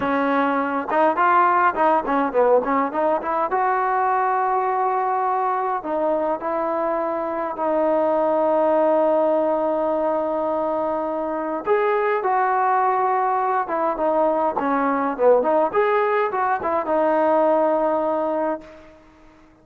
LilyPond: \new Staff \with { instrumentName = "trombone" } { \time 4/4 \tempo 4 = 103 cis'4. dis'8 f'4 dis'8 cis'8 | b8 cis'8 dis'8 e'8 fis'2~ | fis'2 dis'4 e'4~ | e'4 dis'2.~ |
dis'1 | gis'4 fis'2~ fis'8 e'8 | dis'4 cis'4 b8 dis'8 gis'4 | fis'8 e'8 dis'2. | }